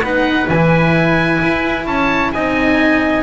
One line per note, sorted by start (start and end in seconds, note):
0.00 0.46 B3
0.00 0.48 D#4
0.00 1.86 B4
0.00 0.49 F#5
0.48 1.40 E3
0.48 1.86 G#5
0.54 2.35 E4
1.42 1.86 E4
1.86 2.31 C#4
1.86 2.32 C#5
1.86 2.32 A5
2.33 3.23 C4
2.33 3.23 D#4
2.33 3.23 D#5
2.33 3.23 G#5